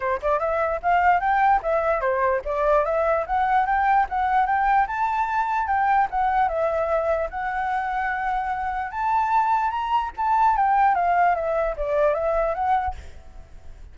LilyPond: \new Staff \with { instrumentName = "flute" } { \time 4/4 \tempo 4 = 148 c''8 d''8 e''4 f''4 g''4 | e''4 c''4 d''4 e''4 | fis''4 g''4 fis''4 g''4 | a''2 g''4 fis''4 |
e''2 fis''2~ | fis''2 a''2 | ais''4 a''4 g''4 f''4 | e''4 d''4 e''4 fis''4 | }